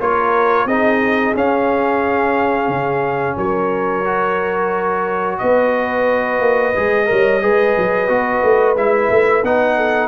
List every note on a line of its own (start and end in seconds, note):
0.00 0.65 A#3
0.00 0.69 F4
0.00 0.67 A#4
0.00 0.67 C#5
0.65 1.33 C4
0.65 1.35 D#4
0.65 3.36 G#4
0.65 1.35 D#5
1.35 2.68 C#4
1.35 4.05 C#4
1.35 3.38 F5
2.68 3.36 C#3
3.37 5.39 F#3
3.37 5.39 A#4
3.37 5.39 C#5
4.05 6.75 F#4
5.39 6.40 B3
5.39 7.09 B4
5.39 8.76 D#5
6.40 6.74 A#3
6.76 7.11 G#3
6.76 7.06 G#4
7.06 7.43 G3
7.06 7.40 A#4
7.06 7.43 C#5
7.42 7.77 G#3
7.42 8.09 G#4
7.42 9.77 B4
7.77 8.09 F#3
8.09 8.43 B3
8.09 8.76 F#4
8.43 8.76 A3
8.76 9.10 G#3
8.76 9.44 E4
8.76 9.44 E5
9.10 9.43 A3
9.43 10.08 B3
9.43 10.08 D#4
9.43 10.08 F#5
9.77 10.08 A4